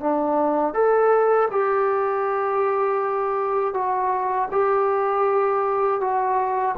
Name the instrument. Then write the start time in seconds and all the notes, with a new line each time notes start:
trombone
0.00 D4
0.74 A4
1.51 G4
3.74 F#4
4.51 G4
6.00 F#4